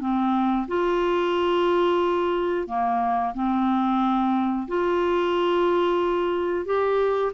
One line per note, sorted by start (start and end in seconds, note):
0.00 0.67 C4
0.68 2.67 F4
2.67 3.34 A#3
3.34 4.67 C4
4.68 6.65 F4
6.65 7.32 G4